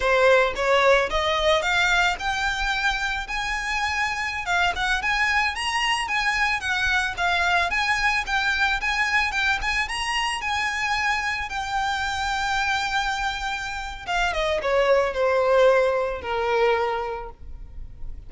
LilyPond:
\new Staff \with { instrumentName = "violin" } { \time 4/4 \tempo 4 = 111 c''4 cis''4 dis''4 f''4 | g''2 gis''2~ | gis''16 f''8 fis''8 gis''4 ais''4 gis''8.~ | gis''16 fis''4 f''4 gis''4 g''8.~ |
g''16 gis''4 g''8 gis''8 ais''4 gis''8.~ | gis''4~ gis''16 g''2~ g''8.~ | g''2 f''8 dis''8 cis''4 | c''2 ais'2 | }